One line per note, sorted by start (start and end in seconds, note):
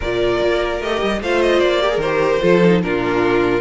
0.00 0.41 A#2
0.00 0.82 F4
0.00 1.21 A#4
0.00 0.81 D5
0.42 0.81 A#3
0.81 1.01 A3
0.81 1.22 G4
0.81 1.22 D#5
1.02 1.21 G3
1.21 1.60 A3
1.21 1.81 F4
1.21 1.82 C5
1.21 1.42 F5
1.42 1.59 D#5
1.59 1.97 A#3
1.59 1.99 D5
1.81 1.89 G4
1.81 2.41 A#4
1.89 1.99 G#4
1.97 2.37 D#3
1.97 2.81 C5
2.04 2.41 G4
2.41 2.83 F3
2.41 2.61 F4
2.41 2.82 A4
2.64 2.83 D#4
2.82 3.60 A#2
2.82 3.60 D4
2.82 3.60 F4
2.82 3.60 A#4